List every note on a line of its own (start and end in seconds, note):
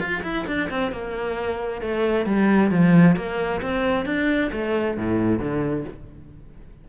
0.00 0.23 F4
0.23 0.46 E4
0.47 0.70 D4
0.71 0.92 C4
0.92 1.82 A#3
1.82 2.26 A3
2.26 2.71 G3
2.71 3.16 F3
3.16 3.62 A#3
3.62 4.06 C4
4.06 4.51 D4
4.52 4.97 A3
4.98 5.40 A2
5.40 5.85 D3